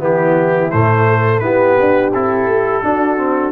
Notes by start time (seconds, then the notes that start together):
0.00 E3 B3 E4 G4
0.71 A2 A3 C5
1.08 A4
1.39 B3 E4 G4 B4
1.80 D4
2.14 C4 E4 A4
2.47 A3
2.83 D4 F#4
3.17 C4